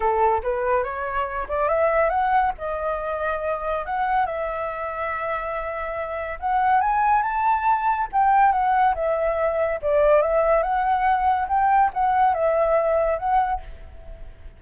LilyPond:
\new Staff \with { instrumentName = "flute" } { \time 4/4 \tempo 4 = 141 a'4 b'4 cis''4. d''8 | e''4 fis''4 dis''2~ | dis''4 fis''4 e''2~ | e''2. fis''4 |
gis''4 a''2 g''4 | fis''4 e''2 d''4 | e''4 fis''2 g''4 | fis''4 e''2 fis''4 | }